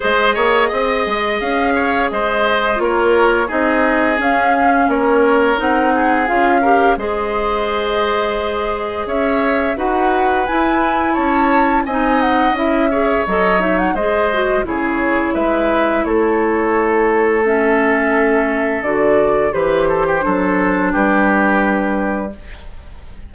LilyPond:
<<
  \new Staff \with { instrumentName = "flute" } { \time 4/4 \tempo 4 = 86 dis''2 f''4 dis''4 | cis''4 dis''4 f''4 cis''4 | fis''4 f''4 dis''2~ | dis''4 e''4 fis''4 gis''4 |
a''4 gis''8 fis''8 e''4 dis''8 e''16 fis''16 | dis''4 cis''4 e''4 cis''4~ | cis''4 e''2 d''4 | c''2 b'2 | }
  \new Staff \with { instrumentName = "oboe" } { \time 4/4 c''8 cis''8 dis''4. cis''8 c''4 | ais'4 gis'2 ais'4~ | ais'8 gis'4 ais'8 c''2~ | c''4 cis''4 b'2 |
cis''4 dis''4. cis''4. | c''4 gis'4 b'4 a'4~ | a'1 | b'8 a'16 g'16 a'4 g'2 | }
  \new Staff \with { instrumentName = "clarinet" } { \time 4/4 gis'1 | f'4 dis'4 cis'2 | dis'4 f'8 g'8 gis'2~ | gis'2 fis'4 e'4~ |
e'4 dis'4 e'8 gis'8 a'8 dis'8 | gis'8 fis'8 e'2.~ | e'4 cis'2 fis'4 | g'4 d'2. | }
  \new Staff \with { instrumentName = "bassoon" } { \time 4/4 gis8 ais8 c'8 gis8 cis'4 gis4 | ais4 c'4 cis'4 ais4 | c'4 cis'4 gis2~ | gis4 cis'4 dis'4 e'4 |
cis'4 c'4 cis'4 fis4 | gis4 cis4 gis4 a4~ | a2. d4 | e4 fis4 g2 | }
>>